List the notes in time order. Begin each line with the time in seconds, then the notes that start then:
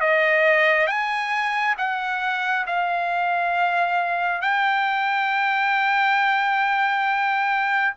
0.00 D#5
0.87 G#5
1.77 F#5
2.67 F5
4.41 G5